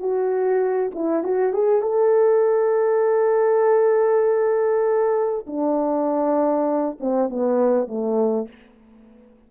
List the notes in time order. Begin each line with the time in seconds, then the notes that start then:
0.00 F#4
0.95 E4
1.24 F#4
1.53 G#4
1.82 A4
5.47 D4
7.00 C4
7.30 B3
7.88 A3